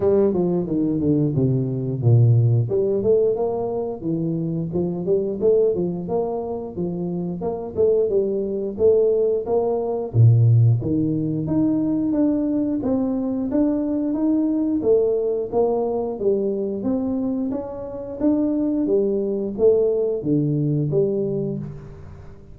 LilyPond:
\new Staff \with { instrumentName = "tuba" } { \time 4/4 \tempo 4 = 89 g8 f8 dis8 d8 c4 ais,4 | g8 a8 ais4 e4 f8 g8 | a8 f8 ais4 f4 ais8 a8 | g4 a4 ais4 ais,4 |
dis4 dis'4 d'4 c'4 | d'4 dis'4 a4 ais4 | g4 c'4 cis'4 d'4 | g4 a4 d4 g4 | }